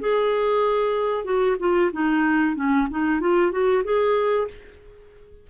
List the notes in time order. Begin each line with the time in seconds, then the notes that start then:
0.00 G#4
1.24 F#4
1.59 F4
1.92 D#4
2.55 C#4
2.90 D#4
3.20 F4
3.51 F#4
3.84 G#4